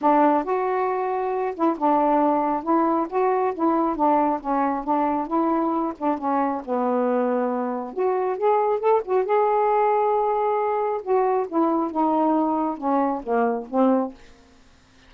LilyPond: \new Staff \with { instrumentName = "saxophone" } { \time 4/4 \tempo 4 = 136 d'4 fis'2~ fis'8 e'8 | d'2 e'4 fis'4 | e'4 d'4 cis'4 d'4 | e'4. d'8 cis'4 b4~ |
b2 fis'4 gis'4 | a'8 fis'8 gis'2.~ | gis'4 fis'4 e'4 dis'4~ | dis'4 cis'4 ais4 c'4 | }